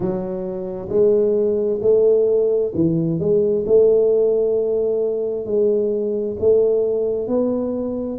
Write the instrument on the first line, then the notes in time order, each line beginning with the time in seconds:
tuba
0.00 F#3
0.88 G#3
1.81 A3
2.74 E3
3.19 G#3
3.66 A3
5.45 G#3
6.39 A3
7.27 B3